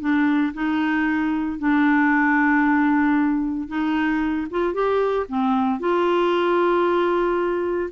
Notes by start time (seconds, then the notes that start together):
0.00 D4
0.53 D#4
1.58 D4
3.68 D#4
4.50 F4
4.73 G4
5.28 C4
5.79 F4